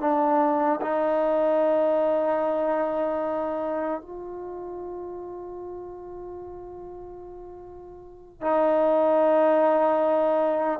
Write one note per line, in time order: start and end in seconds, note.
0.00 0.80 D4
0.81 4.01 D#4
4.01 8.41 F4
8.41 10.80 D#4